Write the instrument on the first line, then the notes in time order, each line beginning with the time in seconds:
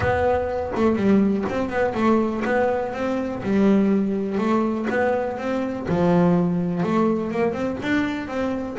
double bass
0.00 B3
0.75 A3
0.95 G3
1.49 C4
1.69 B3
1.94 A3
2.44 B3
2.93 C4
3.43 G3
4.37 A3
4.90 B3
5.38 C4
5.88 F3
6.83 A3
7.31 A#3
7.52 C4
7.82 D4
8.27 C4